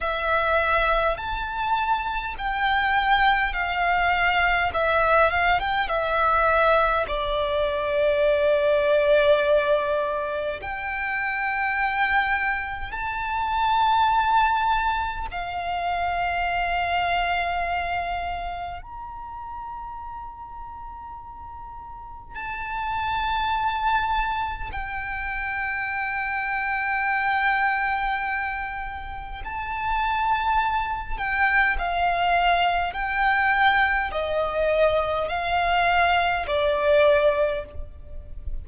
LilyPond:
\new Staff \with { instrumentName = "violin" } { \time 4/4 \tempo 4 = 51 e''4 a''4 g''4 f''4 | e''8 f''16 g''16 e''4 d''2~ | d''4 g''2 a''4~ | a''4 f''2. |
ais''2. a''4~ | a''4 g''2.~ | g''4 a''4. g''8 f''4 | g''4 dis''4 f''4 d''4 | }